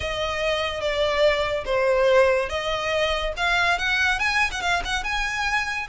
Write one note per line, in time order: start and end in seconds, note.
0.00 0.80 D#5
0.80 1.64 D5
1.65 2.49 C5
2.49 3.33 D#5
3.36 3.78 F5
3.78 4.19 F#5
4.19 4.50 G#5
4.51 4.61 F#5
4.61 4.82 F5
4.84 5.03 F#5
5.03 5.87 G#5